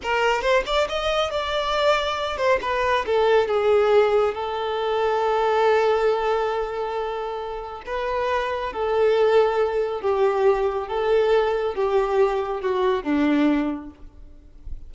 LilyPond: \new Staff \with { instrumentName = "violin" } { \time 4/4 \tempo 4 = 138 ais'4 c''8 d''8 dis''4 d''4~ | d''4. c''8 b'4 a'4 | gis'2 a'2~ | a'1~ |
a'2 b'2 | a'2. g'4~ | g'4 a'2 g'4~ | g'4 fis'4 d'2 | }